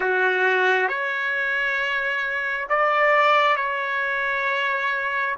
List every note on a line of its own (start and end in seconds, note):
0.00 0.88 F#4
0.88 2.67 C#5
2.69 3.56 D5
3.56 5.35 C#5